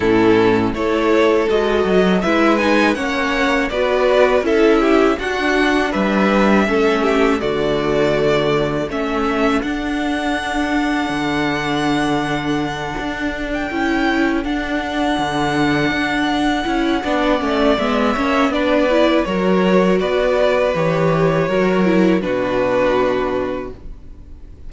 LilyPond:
<<
  \new Staff \with { instrumentName = "violin" } { \time 4/4 \tempo 4 = 81 a'4 cis''4 dis''4 e''8 gis''8 | fis''4 d''4 e''4 fis''4 | e''2 d''2 | e''4 fis''2.~ |
fis''2~ fis''16 g''4~ g''16 fis''8~ | fis''1 | e''4 d''4 cis''4 d''4 | cis''2 b'2 | }
  \new Staff \with { instrumentName = "violin" } { \time 4/4 e'4 a'2 b'4 | cis''4 b'4 a'8 g'8 fis'4 | b'4 a'8 g'8 fis'2 | a'1~ |
a'1~ | a'2. d''4~ | d''8 cis''8 b'4 ais'4 b'4~ | b'4 ais'4 fis'2 | }
  \new Staff \with { instrumentName = "viola" } { \time 4/4 cis'4 e'4 fis'4 e'8 dis'8 | cis'4 fis'4 e'4 d'4~ | d'4 cis'4 a2 | cis'4 d'2.~ |
d'2~ d'8 e'4 d'8~ | d'2~ d'8 e'8 d'8 cis'8 | b8 cis'8 d'8 e'8 fis'2 | g'4 fis'8 e'8 d'2 | }
  \new Staff \with { instrumentName = "cello" } { \time 4/4 a,4 a4 gis8 fis8 gis4 | ais4 b4 cis'4 d'4 | g4 a4 d2 | a4 d'2 d4~ |
d4. d'4 cis'4 d'8~ | d'8 d4 d'4 cis'8 b8 a8 | gis8 ais8 b4 fis4 b4 | e4 fis4 b,2 | }
>>